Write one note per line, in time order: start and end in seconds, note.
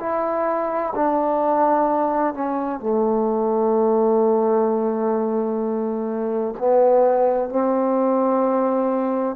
0.00 0.94 E4
0.96 2.34 D4
2.34 2.80 C#4
2.80 6.55 A3
6.59 7.50 B3
7.50 9.37 C4